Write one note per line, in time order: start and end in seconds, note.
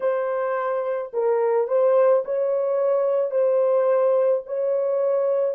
0.00 1.11 C5
1.13 1.67 A#4
1.67 2.23 C5
2.24 3.30 C#5
3.30 4.41 C5
4.45 5.55 C#5